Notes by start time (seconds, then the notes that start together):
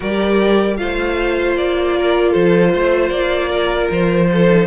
0.00 G3 G4 A#4 D5
0.76 A3 F4 C5 F5
1.56 A#3 D5
1.96 A#4
2.31 F3 A4 C5
2.74 A3 C5
3.09 A#3 D5
3.48 A#4
3.90 F3 C5
4.32 A4
4.48 D#4